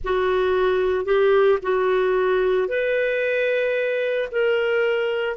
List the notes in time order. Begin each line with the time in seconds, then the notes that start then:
0.03 F#4
1.05 G4
1.62 F#4
2.68 B4
4.31 A#4